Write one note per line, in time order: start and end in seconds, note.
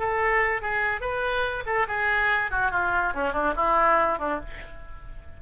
0.00 0.62 A4
0.62 1.01 G#4
1.01 1.64 B4
1.66 1.87 A4
1.88 2.51 G#4
2.52 2.72 F#4
2.72 3.14 F4
3.14 3.33 C#4
3.33 3.54 D4
3.57 4.19 E4
4.19 4.40 D4